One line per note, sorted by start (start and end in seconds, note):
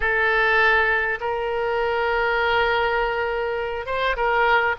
0.00 1.19 A4
1.20 3.86 A#4
3.86 4.16 C5
4.16 4.75 A#4